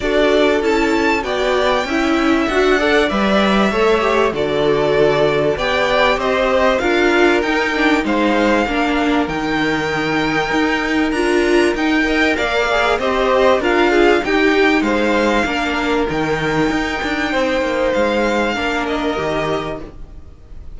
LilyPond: <<
  \new Staff \with { instrumentName = "violin" } { \time 4/4 \tempo 4 = 97 d''4 a''4 g''2 | fis''4 e''2 d''4~ | d''4 g''4 dis''4 f''4 | g''4 f''2 g''4~ |
g''2 ais''4 g''4 | f''4 dis''4 f''4 g''4 | f''2 g''2~ | g''4 f''4. dis''4. | }
  \new Staff \with { instrumentName = "violin" } { \time 4/4 a'2 d''4 e''4~ | e''8 d''4. cis''4 a'4~ | a'4 d''4 c''4 ais'4~ | ais'4 c''4 ais'2~ |
ais'2.~ ais'8 dis''8 | d''4 c''4 ais'8 gis'8 g'4 | c''4 ais'2. | c''2 ais'2 | }
  \new Staff \with { instrumentName = "viola" } { \time 4/4 fis'4 e'4 fis'4 e'4 | fis'8 a'8 b'4 a'8 g'8 fis'4~ | fis'4 g'2 f'4 | dis'8 d'8 dis'4 d'4 dis'4~ |
dis'2 f'4 dis'8 ais'8~ | ais'8 gis'8 g'4 f'4 dis'4~ | dis'4 d'4 dis'2~ | dis'2 d'4 g'4 | }
  \new Staff \with { instrumentName = "cello" } { \time 4/4 d'4 cis'4 b4 cis'4 | d'4 g4 a4 d4~ | d4 b4 c'4 d'4 | dis'4 gis4 ais4 dis4~ |
dis4 dis'4 d'4 dis'4 | ais4 c'4 d'4 dis'4 | gis4 ais4 dis4 dis'8 d'8 | c'8 ais8 gis4 ais4 dis4 | }
>>